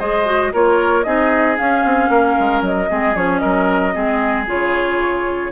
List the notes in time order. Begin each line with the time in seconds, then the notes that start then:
0.00 G#3 G#4 C5 D#5
0.26 F#4
0.53 A#3 F4 A#4 C#5
1.04 C4 D#4 G#4 D#5
1.57 C#4 F5
1.85 C4
2.10 A#3 A#4
2.40 G#3
2.62 F#3 D#5
2.89 G#3 C4 G#4
3.16 F3 C#4 C#5
3.39 F#3 A#4 D#5
3.93 G#3 C4 G#4
4.47 C#3 F4 C#5